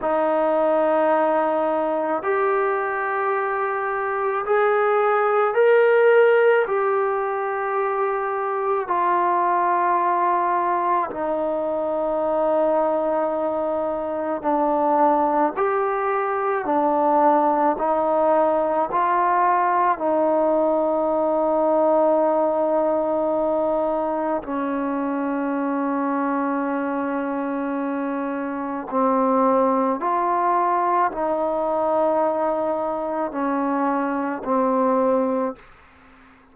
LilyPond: \new Staff \with { instrumentName = "trombone" } { \time 4/4 \tempo 4 = 54 dis'2 g'2 | gis'4 ais'4 g'2 | f'2 dis'2~ | dis'4 d'4 g'4 d'4 |
dis'4 f'4 dis'2~ | dis'2 cis'2~ | cis'2 c'4 f'4 | dis'2 cis'4 c'4 | }